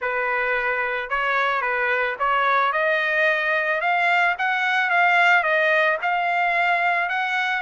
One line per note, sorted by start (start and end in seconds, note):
0.01 1.09 B4
1.09 1.61 C#5
1.61 2.15 B4
2.19 2.72 C#5
2.72 3.81 D#5
3.81 4.35 F5
4.38 4.90 F#5
4.90 5.43 F5
5.43 5.97 D#5
6.02 7.09 F5
7.09 7.61 F#5